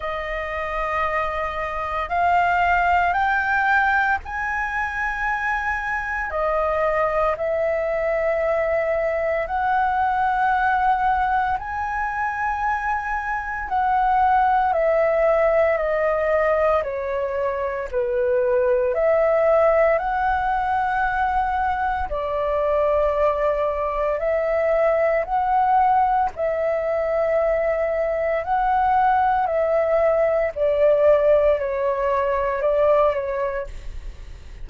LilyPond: \new Staff \with { instrumentName = "flute" } { \time 4/4 \tempo 4 = 57 dis''2 f''4 g''4 | gis''2 dis''4 e''4~ | e''4 fis''2 gis''4~ | gis''4 fis''4 e''4 dis''4 |
cis''4 b'4 e''4 fis''4~ | fis''4 d''2 e''4 | fis''4 e''2 fis''4 | e''4 d''4 cis''4 d''8 cis''8 | }